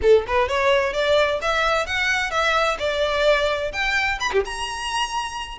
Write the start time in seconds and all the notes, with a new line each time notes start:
0.01 A4
0.27 B4
0.48 C#5
0.93 D5
1.41 E5
1.86 F#5
2.30 E5
2.79 D5
3.72 G5
4.19 B5
4.32 G4
4.45 A#5